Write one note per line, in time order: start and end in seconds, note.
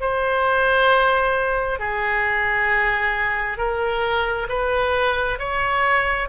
0.00 1.79 C5
1.79 3.57 G#4
3.57 4.47 A#4
4.49 5.38 B4
5.39 6.28 C#5